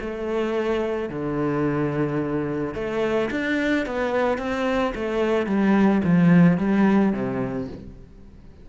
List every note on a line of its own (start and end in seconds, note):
0.00 1.09 A3
1.09 2.74 D3
2.74 3.29 A3
3.31 3.86 D4
3.86 4.38 B3
4.38 4.93 C4
4.94 5.46 A3
5.46 6.02 G3
6.04 6.57 F3
6.57 7.12 G3
7.13 7.68 C3